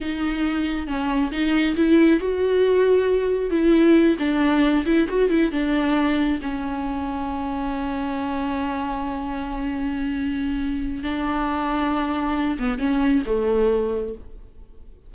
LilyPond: \new Staff \with { instrumentName = "viola" } { \time 4/4 \tempo 4 = 136 dis'2 cis'4 dis'4 | e'4 fis'2. | e'4. d'4. e'8 fis'8 | e'8 d'2 cis'4.~ |
cis'1~ | cis'1~ | cis'4 d'2.~ | d'8 b8 cis'4 a2 | }